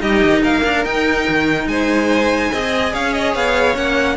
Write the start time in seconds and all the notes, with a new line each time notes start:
0.00 G3 D#4 G4 D#5
0.22 D#3
0.41 A#3 A#4 F5
0.64 D4
0.84 D#4 G5
1.28 D#3
1.66 G#3 C5 G#5
2.51 C4 G#4 D#5
2.93 C#4 C#5 F5
3.13 D#5
3.34 B3 F5
3.74 A#3 C#4 F#5